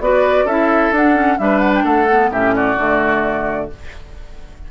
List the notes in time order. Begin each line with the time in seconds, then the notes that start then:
0.00 B3 F#4 B4 D5
0.45 C#4 E4 A4 E5
0.91 D4 F#5
1.14 C#4
1.38 G3 D4 B4 E5
1.60 F#5
1.75 G5
1.84 A3 A4 F#5
2.11 B3
2.31 A2 C#4 G4 E5
2.55 F#4 D5
2.77 D3 A3